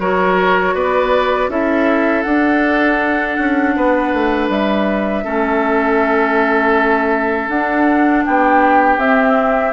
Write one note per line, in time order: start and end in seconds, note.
0.00 0.75 F#3
0.00 1.50 F#4
0.00 0.75 A#4
0.00 0.75 C#5
0.75 1.49 B3
0.75 1.50 B4
0.75 1.50 D5
1.49 2.24 C#4
1.49 2.25 E4
1.49 3.76 A4
1.49 2.23 E5
2.23 5.25 D4
2.23 3.38 D4
2.23 4.48 F#5
3.39 3.76 C#4
3.76 4.14 B3
3.76 5.25 B4
4.14 4.49 A3
4.49 5.24 G3
4.49 7.49 E5
5.25 7.49 A3
5.25 7.50 C#4
5.25 8.25 A4
7.49 8.24 D4
7.49 9.01 D4
7.49 8.24 F#5
8.25 8.98 B3
8.25 9.73 G4
8.25 9.00 G5
8.98 9.73 C4
8.98 9.73 E5